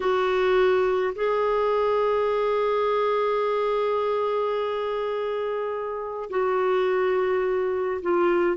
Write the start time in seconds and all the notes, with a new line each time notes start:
0.00 F#4
1.15 G#4
6.30 F#4
8.02 F4